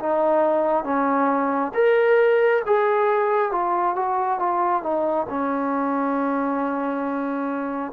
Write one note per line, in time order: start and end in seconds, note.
0.00 0.84 D#4
0.84 1.72 C#4
1.74 2.63 A#4
2.66 3.52 G#4
3.52 3.96 F4
3.96 4.39 F#4
4.39 4.83 F4
4.83 5.27 D#4
5.29 7.93 C#4